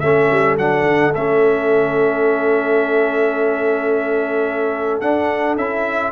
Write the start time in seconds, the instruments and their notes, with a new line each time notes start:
0.00 tuba A3, trombone C#4, horn A4, trumpet E5
0.31 tuba G3
0.58 tuba F#3, trombone D4, trumpet F#5
0.83 tuba D3
1.15 tuba A3, trombone C#4, trumpet E5
5.00 tuba D4, trombone D4, trumpet F#5
5.56 tuba C#4, trombone E4, trumpet E5